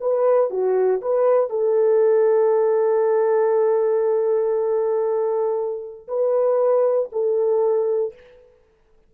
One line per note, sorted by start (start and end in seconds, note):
0.00 0.50 B4
0.50 1.01 F#4
1.01 1.49 B4
1.49 6.07 A4
6.07 7.09 B4
7.12 8.14 A4